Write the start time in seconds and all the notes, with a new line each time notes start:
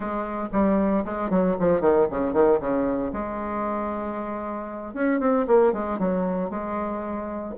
0.00 G#3
0.52 G3
1.04 G#3
1.30 F#3
1.59 F3
1.80 D#3
2.10 C#3
2.33 D#3
2.59 C#3
3.13 G#3
4.94 C#4
5.20 C4
5.47 A#3
5.72 G#3
5.99 F#3
6.50 G#3